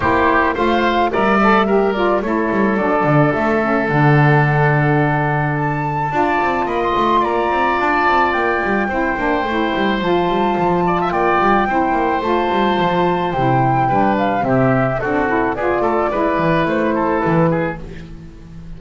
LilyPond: <<
  \new Staff \with { instrumentName = "flute" } { \time 4/4 \tempo 4 = 108 c''4 f''4 e''4. d''8 | cis''4 d''4 e''4 fis''4~ | fis''2 a''2 | b''16 c'''8. ais''4 a''4 g''4~ |
g''2 a''2 | g''2 a''2 | g''4. f''8 e''4 a'4 | d''2 c''4 b'4 | }
  \new Staff \with { instrumentName = "oboe" } { \time 4/4 g'4 c''4 d''4 ais'4 | a'1~ | a'2. d''4 | dis''4 d''2. |
c''2.~ c''8 d''16 e''16 | d''4 c''2.~ | c''4 b'4 g'4 fis'4 | gis'8 a'8 b'4. a'4 gis'8 | }
  \new Staff \with { instrumentName = "saxophone" } { \time 4/4 e'4 f'4 ais'8 a'8 g'8 f'8 | e'4 d'4. cis'8 d'4~ | d'2. f'4~ | f'1 |
e'8 d'8 e'4 f'2~ | f'4 e'4 f'2 | e'4 d'4 c'4 d'8 e'8 | f'4 e'2. | }
  \new Staff \with { instrumentName = "double bass" } { \time 4/4 ais4 a4 g2 | a8 g8 fis8 d8 a4 d4~ | d2. d'8 c'8 | ais8 a8 ais8 c'8 d'8 c'8 ais8 g8 |
c'8 ais8 a8 g8 f8 g8 f4 | ais8 g8 c'8 ais8 a8 g8 f4 | c4 g4 c4 c'4 | b8 a8 gis8 e8 a4 e4 | }
>>